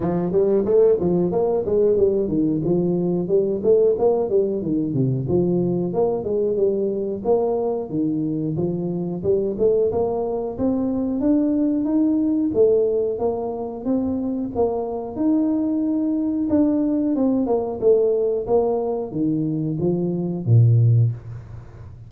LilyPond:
\new Staff \with { instrumentName = "tuba" } { \time 4/4 \tempo 4 = 91 f8 g8 a8 f8 ais8 gis8 g8 dis8 | f4 g8 a8 ais8 g8 dis8 c8 | f4 ais8 gis8 g4 ais4 | dis4 f4 g8 a8 ais4 |
c'4 d'4 dis'4 a4 | ais4 c'4 ais4 dis'4~ | dis'4 d'4 c'8 ais8 a4 | ais4 dis4 f4 ais,4 | }